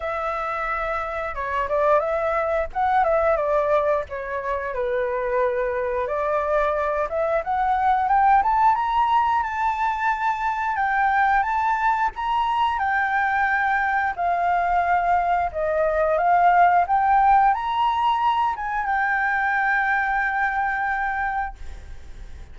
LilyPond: \new Staff \with { instrumentName = "flute" } { \time 4/4 \tempo 4 = 89 e''2 cis''8 d''8 e''4 | fis''8 e''8 d''4 cis''4 b'4~ | b'4 d''4. e''8 fis''4 | g''8 a''8 ais''4 a''2 |
g''4 a''4 ais''4 g''4~ | g''4 f''2 dis''4 | f''4 g''4 ais''4. gis''8 | g''1 | }